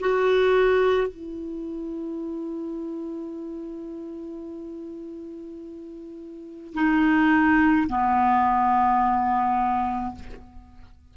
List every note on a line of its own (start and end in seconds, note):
0.00 1.08 F#4
1.08 6.74 E4
6.74 7.87 D#4
7.89 10.15 B3